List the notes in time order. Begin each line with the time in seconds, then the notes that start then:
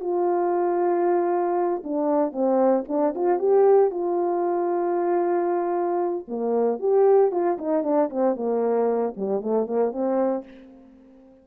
0.00 F4
1.84 D4
2.32 C4
2.88 D4
3.15 F4
3.39 G4
3.90 F4
6.28 A#3
6.79 G4
7.31 F4
7.58 D#4
7.83 D4
8.09 C4
8.35 A#3
9.16 G3
9.41 A3
9.66 A#3
9.92 C4